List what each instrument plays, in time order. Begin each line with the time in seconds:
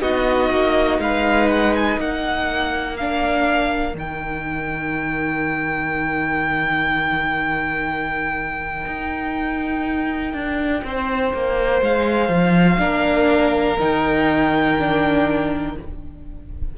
0.00 cello B3, viola D#4, violin F#4 D#5
0.49 cello A#3
0.98 cello G#3, violin B4 F5
1.49 violin F#5
1.74 violin G#5
1.98 cello A#3, violin A#4 F#5
2.96 viola D4, violin F5
3.92 cello D#3, viola D#4
3.98 violin G5
8.86 cello D#4
10.33 cello D4
10.84 cello C4, violin C5
11.33 cello A#3
11.81 cello G#3, violin F5
12.28 cello F3
12.77 cello A#3, viola D4, violin A#4
13.79 cello D#3, viola D#4, violin G5
14.78 viola D4